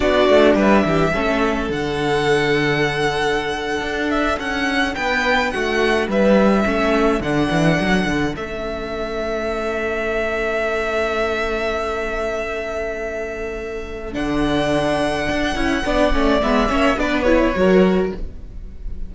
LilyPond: <<
  \new Staff \with { instrumentName = "violin" } { \time 4/4 \tempo 4 = 106 d''4 e''2 fis''4~ | fis''2.~ fis''16 e''8 fis''16~ | fis''8. g''4 fis''4 e''4~ e''16~ | e''8. fis''2 e''4~ e''16~ |
e''1~ | e''1~ | e''4 fis''2.~ | fis''4 e''4 d''8 cis''4. | }
  \new Staff \with { instrumentName = "violin" } { \time 4/4 fis'4 b'8 g'8 a'2~ | a'1~ | a'8. b'4 fis'4 b'4 a'16~ | a'1~ |
a'1~ | a'1~ | a'1 | d''4. cis''8 b'4 ais'4 | }
  \new Staff \with { instrumentName = "viola" } { \time 4/4 d'2 cis'4 d'4~ | d'1~ | d'2.~ d'8. cis'16~ | cis'8. d'2 cis'4~ cis'16~ |
cis'1~ | cis'1~ | cis'4 d'2~ d'8 e'8 | d'8 cis'8 b8 cis'8 d'8 e'8 fis'4 | }
  \new Staff \with { instrumentName = "cello" } { \time 4/4 b8 a8 g8 e8 a4 d4~ | d2~ d8. d'4 cis'16~ | cis'8. b4 a4 g4 a16~ | a8. d8 e8 fis8 d8 a4~ a16~ |
a1~ | a1~ | a4 d2 d'8 cis'8 | b8 a8 gis8 ais8 b4 fis4 | }
>>